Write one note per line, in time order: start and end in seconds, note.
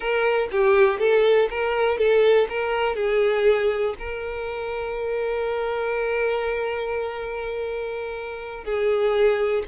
0.00 0.48 A#4
0.51 0.99 G4
0.99 1.49 A4
1.50 1.97 A#4
1.97 2.47 A4
2.49 2.95 A#4
2.95 3.94 G#4
3.98 8.64 A#4
8.64 9.63 G#4